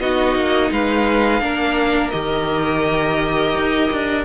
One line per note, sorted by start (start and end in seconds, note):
0.00 0.35 B3
0.00 1.41 D#4
0.00 0.72 F#4
0.00 0.71 D#5
0.35 0.71 A#3
0.72 1.42 G#3
0.72 1.43 B4
0.72 2.11 F5
1.41 2.12 A#3
1.41 2.12 D4
1.41 4.25 A#4
2.11 3.55 D#3
2.11 4.24 G4
2.11 4.22 D#5
3.55 3.91 D#4
3.93 4.25 D4